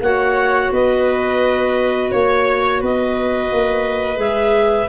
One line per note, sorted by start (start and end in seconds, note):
0.00 0.70 A#3
0.00 4.17 F#4
0.00 0.73 C#5
0.00 0.73 F#5
0.72 2.11 B3
0.72 2.12 B4
0.72 2.12 D#5
2.12 2.82 A#3
2.12 2.81 C#5
2.81 3.51 B3
2.81 4.90 B4
2.81 4.20 D#5
3.51 4.18 A#3
4.17 4.88 G#3
4.17 4.87 G#4
4.17 4.90 E5